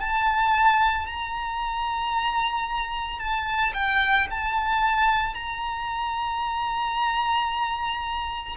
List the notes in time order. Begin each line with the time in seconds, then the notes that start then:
0.00 A5
1.06 A#5
3.19 A5
3.74 G5
4.31 A5
5.35 A#5